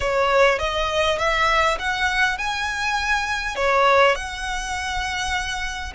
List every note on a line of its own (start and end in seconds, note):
0.00 0.59 C#5
0.59 1.18 D#5
1.18 1.78 E5
1.78 2.38 F#5
2.38 3.55 G#5
3.55 4.14 C#5
4.14 5.93 F#5